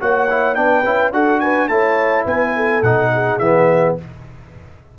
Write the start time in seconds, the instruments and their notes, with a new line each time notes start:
0.00 tuba A#3, trombone F#4, horn C#5, trumpet F#5
0.30 trombone E4
0.55 tuba B3, trombone D4, horn B4, trumpet G5
0.85 tuba C#4, trombone E4
1.12 tuba D4, trombone F#4, horn A4, trumpet F#5
1.40 horn B4, trumpet G#5
1.68 tuba A3, trombone E4, horn C#5, trumpet A5
2.25 tuba B3, horn B4, trumpet G#5
2.56 horn A4
2.83 tuba B2, trombone D#4, trumpet F#5
3.14 horn G#4
3.39 tuba E3, trombone B3, trumpet E5